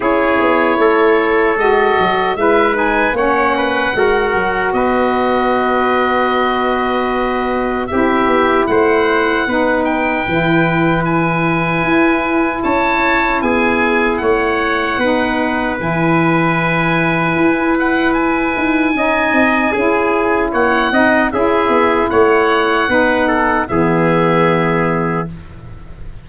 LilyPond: <<
  \new Staff \with { instrumentName = "oboe" } { \time 4/4 \tempo 4 = 76 cis''2 dis''4 e''8 gis''8 | fis''2 dis''2~ | dis''2 e''4 fis''4~ | fis''8 g''4. gis''2 |
a''4 gis''4 fis''2 | gis''2~ gis''8 fis''8 gis''4~ | gis''2 fis''4 e''4 | fis''2 e''2 | }
  \new Staff \with { instrumentName = "trumpet" } { \time 4/4 gis'4 a'2 b'4 | cis''8 b'8 ais'4 b'2~ | b'2 g'4 c''4 | b'1 |
cis''4 gis'4 cis''4 b'4~ | b'1 | dis''4 gis'4 cis''8 dis''8 gis'4 | cis''4 b'8 a'8 gis'2 | }
  \new Staff \with { instrumentName = "saxophone" } { \time 4/4 e'2 fis'4 e'8 dis'8 | cis'4 fis'2.~ | fis'2 e'2 | dis'4 e'2.~ |
e'2. dis'4 | e'1 | dis'4 e'4. dis'8 e'4~ | e'4 dis'4 b2 | }
  \new Staff \with { instrumentName = "tuba" } { \time 4/4 cis'8 b8 a4 gis8 fis8 gis4 | ais4 gis8 fis8 b2~ | b2 c'8 b8 a4 | b4 e2 e'4 |
cis'4 b4 a4 b4 | e2 e'4. dis'8 | cis'8 c'8 cis'4 ais8 c'8 cis'8 b8 | a4 b4 e2 | }
>>